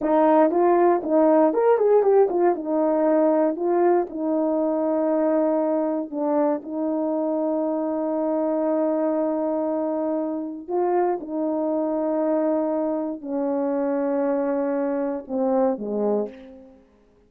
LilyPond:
\new Staff \with { instrumentName = "horn" } { \time 4/4 \tempo 4 = 118 dis'4 f'4 dis'4 ais'8 gis'8 | g'8 f'8 dis'2 f'4 | dis'1 | d'4 dis'2.~ |
dis'1~ | dis'4 f'4 dis'2~ | dis'2 cis'2~ | cis'2 c'4 gis4 | }